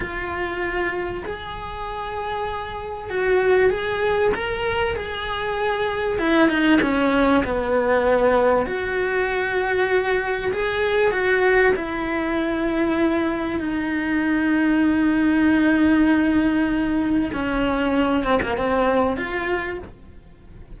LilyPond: \new Staff \with { instrumentName = "cello" } { \time 4/4 \tempo 4 = 97 f'2 gis'2~ | gis'4 fis'4 gis'4 ais'4 | gis'2 e'8 dis'8 cis'4 | b2 fis'2~ |
fis'4 gis'4 fis'4 e'4~ | e'2 dis'2~ | dis'1 | cis'4. c'16 ais16 c'4 f'4 | }